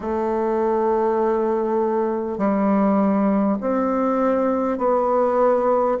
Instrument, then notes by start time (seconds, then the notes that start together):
bassoon
0.00 A3
2.37 G3
3.60 C4
4.78 B3